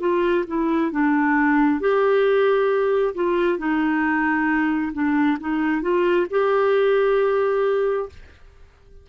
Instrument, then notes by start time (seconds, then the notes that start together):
clarinet
0.00 F4
0.47 E4
0.91 D4
1.80 G4
3.15 F4
3.58 D#4
4.93 D4
5.41 D#4
5.82 F4
6.30 G4